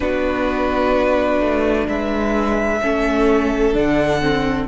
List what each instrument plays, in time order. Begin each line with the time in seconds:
0.00 cello B3, viola D4, violin F#4 B4
1.40 cello A3
1.87 cello G#3, violin B4 E5
2.80 cello A3, viola C#4, violin A4
3.73 cello D3, viola D4, violin F#5
4.21 viola C4